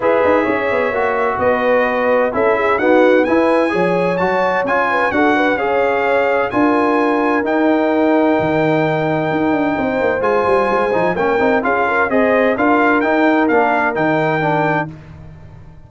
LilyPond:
<<
  \new Staff \with { instrumentName = "trumpet" } { \time 4/4 \tempo 4 = 129 e''2. dis''4~ | dis''4 e''4 fis''4 gis''4~ | gis''4 a''4 gis''4 fis''4 | f''2 gis''2 |
g''1~ | g''2 gis''2 | g''4 f''4 dis''4 f''4 | g''4 f''4 g''2 | }
  \new Staff \with { instrumentName = "horn" } { \time 4/4 b'4 cis''2 b'4~ | b'4 a'8 gis'8 fis'4 b'4 | cis''2~ cis''8 b'8 a'8 b'8 | cis''2 ais'2~ |
ais'1~ | ais'4 c''2. | ais'4 gis'8 ais'8 c''4 ais'4~ | ais'1 | }
  \new Staff \with { instrumentName = "trombone" } { \time 4/4 gis'2 fis'2~ | fis'4 e'4 b4 e'4 | gis'4 fis'4 f'4 fis'4 | gis'2 f'2 |
dis'1~ | dis'2 f'4. dis'8 | cis'8 dis'8 f'4 gis'4 f'4 | dis'4 d'4 dis'4 d'4 | }
  \new Staff \with { instrumentName = "tuba" } { \time 4/4 e'8 dis'8 cis'8 b8 ais4 b4~ | b4 cis'4 dis'4 e'4 | f4 fis4 cis'4 d'4 | cis'2 d'2 |
dis'2 dis2 | dis'8 d'8 c'8 ais8 gis8 g8 gis8 f8 | ais8 c'8 cis'4 c'4 d'4 | dis'4 ais4 dis2 | }
>>